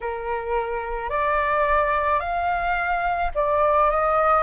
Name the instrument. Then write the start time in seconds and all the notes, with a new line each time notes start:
flute
0.00 A#4
1.09 D5
2.20 F5
3.34 D5
3.90 D#5